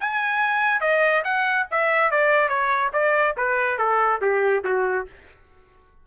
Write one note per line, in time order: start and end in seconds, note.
0.00 0.81 G#5
0.81 1.23 D#5
1.24 1.67 F#5
1.71 2.11 E5
2.11 2.49 D5
2.49 2.91 C#5
2.93 3.35 D5
3.37 3.78 B4
3.78 4.20 A4
4.21 4.64 G4
4.64 5.06 F#4